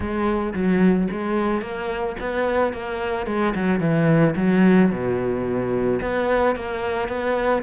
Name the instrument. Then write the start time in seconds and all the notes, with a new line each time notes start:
cello
0.00 G#3
0.53 F#3
1.11 G#3
1.61 A#3
2.20 B3
2.73 A#3
3.26 G#3
3.54 F#3
3.80 E3
4.36 F#3
4.91 B2
6.01 B3
6.55 A#3
7.08 B3